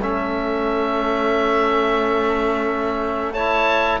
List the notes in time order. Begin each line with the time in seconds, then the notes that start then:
0.00 A3 C#4 A4 E5
3.33 E4 C#5 A5